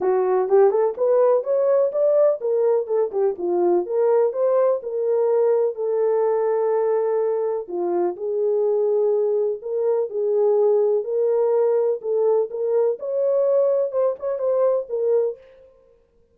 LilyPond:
\new Staff \with { instrumentName = "horn" } { \time 4/4 \tempo 4 = 125 fis'4 g'8 a'8 b'4 cis''4 | d''4 ais'4 a'8 g'8 f'4 | ais'4 c''4 ais'2 | a'1 |
f'4 gis'2. | ais'4 gis'2 ais'4~ | ais'4 a'4 ais'4 cis''4~ | cis''4 c''8 cis''8 c''4 ais'4 | }